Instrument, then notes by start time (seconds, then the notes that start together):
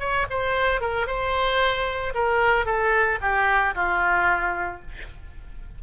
oboe
0.00 C#5
0.30 C5
0.81 A#4
1.07 C5
2.15 A#4
2.66 A4
3.21 G4
3.75 F4